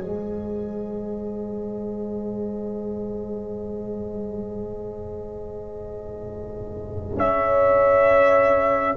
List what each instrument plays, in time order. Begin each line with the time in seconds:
0.00 tuba G#3, trombone G#4, horn C5, trumpet D#5
7.17 tuba C#4, horn C#5, trumpet E5